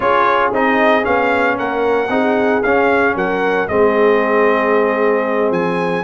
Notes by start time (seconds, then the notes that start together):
0.00 C#4 F4 G#4 C#5
0.52 C4 D#4 D#5
1.03 B3 C#4 F5
1.57 A#3 A#4 F#5
2.09 C4 D#4 G#4
2.62 C#4 F5
3.15 F#3 A#4 F#5
3.68 G#3 C4 G#4 D#5
5.51 F3 G#5